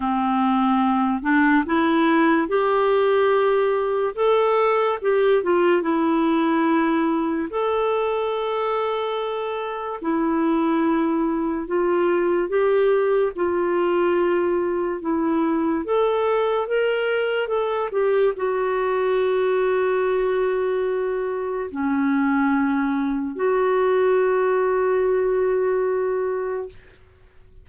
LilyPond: \new Staff \with { instrumentName = "clarinet" } { \time 4/4 \tempo 4 = 72 c'4. d'8 e'4 g'4~ | g'4 a'4 g'8 f'8 e'4~ | e'4 a'2. | e'2 f'4 g'4 |
f'2 e'4 a'4 | ais'4 a'8 g'8 fis'2~ | fis'2 cis'2 | fis'1 | }